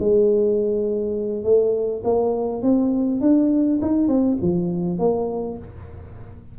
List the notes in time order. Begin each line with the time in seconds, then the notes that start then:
0.00 G#3
1.44 A3
2.04 A#3
2.63 C4
3.21 D4
3.82 D#4
4.08 C4
4.42 F3
4.99 A#3